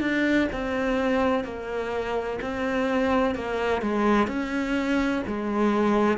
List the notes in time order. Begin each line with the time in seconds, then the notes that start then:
0.00 D4
0.52 C4
1.44 A#3
2.41 C4
3.35 A#3
3.82 G#3
4.27 C#4
5.27 G#3